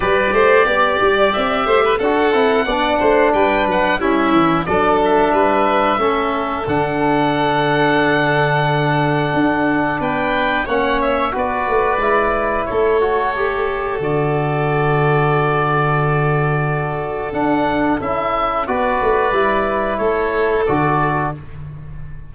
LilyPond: <<
  \new Staff \with { instrumentName = "oboe" } { \time 4/4 \tempo 4 = 90 d''2 e''4 fis''4~ | fis''4 g''8 fis''8 e''4 d''8 e''8~ | e''2 fis''2~ | fis''2. g''4 |
fis''8 e''8 d''2 cis''4~ | cis''4 d''2.~ | d''2 fis''4 e''4 | d''2 cis''4 d''4 | }
  \new Staff \with { instrumentName = "violin" } { \time 4/4 b'8 c''8 d''4. c''16 b'16 a'4 | d''8 c''8 b'4 e'4 a'4 | b'4 a'2.~ | a'2. b'4 |
cis''4 b'2 a'4~ | a'1~ | a'1 | b'2 a'2 | }
  \new Staff \with { instrumentName = "trombone" } { \time 4/4 g'2. fis'8 e'8 | d'2 cis'4 d'4~ | d'4 cis'4 d'2~ | d'1 |
cis'4 fis'4 e'4. fis'8 | g'4 fis'2.~ | fis'2 d'4 e'4 | fis'4 e'2 fis'4 | }
  \new Staff \with { instrumentName = "tuba" } { \time 4/4 g8 a8 b8 g8 c'8 a8 d'8 c'8 | b8 a8 g8 fis8 g8 e8 fis4 | g4 a4 d2~ | d2 d'4 b4 |
ais4 b8 a8 gis4 a4~ | a4 d2.~ | d2 d'4 cis'4 | b8 a8 g4 a4 d4 | }
>>